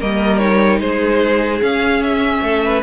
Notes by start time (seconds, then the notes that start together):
0.00 G3 A#3 A#4 D#5
0.38 D#4 C#5
0.80 G#3 G#4 C5
1.61 C#4 F5
2.03 E5
2.41 A3 A4
2.65 B4